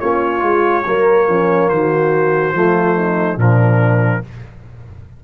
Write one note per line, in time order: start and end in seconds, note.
0.00 0.42 A#3
0.00 0.39 C#4
0.00 0.85 F4
0.00 1.69 C#5
0.39 0.84 G#3
0.39 0.82 F4
0.86 1.28 F#3
0.86 2.54 A#3
0.86 1.28 A#4
1.28 1.69 F3
1.28 1.70 C#4
1.69 2.54 D#3
1.69 2.55 F#4
1.69 3.38 C5
2.54 3.37 F3
2.54 3.39 A3
2.54 2.95 F4
2.95 3.37 D#4
3.37 4.21 A#2
3.37 4.23 F3
3.37 4.22 D4
3.37 4.24 A#4